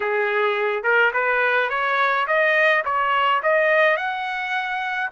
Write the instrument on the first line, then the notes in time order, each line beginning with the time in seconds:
trumpet
0.00 G#4
0.83 A#4
1.13 B4
1.69 C#5
2.27 D#5
2.85 C#5
3.42 D#5
3.96 F#5